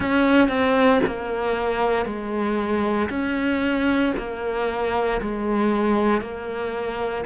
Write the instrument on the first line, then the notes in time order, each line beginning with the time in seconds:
cello
0.00 C#4
0.48 C4
1.06 A#3
2.05 G#3
3.09 C#4
4.17 A#3
5.21 G#3
6.21 A#3